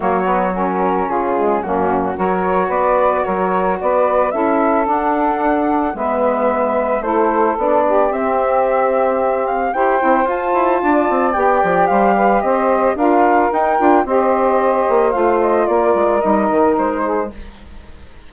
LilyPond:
<<
  \new Staff \with { instrumentName = "flute" } { \time 4/4 \tempo 4 = 111 cis''4 ais'4 gis'4 fis'4 | cis''4 d''4 cis''4 d''4 | e''4 fis''2 e''4~ | e''4 c''4 d''4 e''4~ |
e''4. f''8 g''4 a''4~ | a''4 g''4 f''4 dis''4 | f''4 g''4 dis''2 | f''8 dis''8 d''4 dis''4 c''4 | }
  \new Staff \with { instrumentName = "saxophone" } { \time 4/4 fis'2 f'4 cis'4 | ais'4 b'4 ais'4 b'4 | a'2. b'4~ | b'4 a'4. g'4.~ |
g'2 c''2 | d''2 c''8 b'8 c''4 | ais'2 c''2~ | c''4 ais'2~ ais'8 gis'8 | }
  \new Staff \with { instrumentName = "saxophone" } { \time 4/4 ais8 b8 cis'4. gis8 ais4 | fis'1 | e'4 d'2 b4~ | b4 e'4 d'4 c'4~ |
c'2 g'8 e'8 f'4~ | f'4 g'2. | f'4 dis'8 f'8 g'2 | f'2 dis'2 | }
  \new Staff \with { instrumentName = "bassoon" } { \time 4/4 fis2 cis4 fis,4 | fis4 b4 fis4 b4 | cis'4 d'2 gis4~ | gis4 a4 b4 c'4~ |
c'2 e'8 c'8 f'8 e'8 | d'8 c'8 b8 f8 g4 c'4 | d'4 dis'8 d'8 c'4. ais8 | a4 ais8 gis8 g8 dis8 gis4 | }
>>